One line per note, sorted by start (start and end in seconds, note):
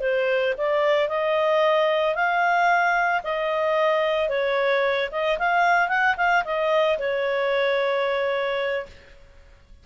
0.00 0.54 C5
0.57 1.08 D5
1.08 2.15 D#5
2.15 3.22 F5
3.23 4.29 D#5
4.29 5.09 C#5
5.11 5.38 D#5
5.38 5.88 F5
5.88 6.15 F#5
6.17 6.43 F5
6.44 6.98 D#5
6.98 8.86 C#5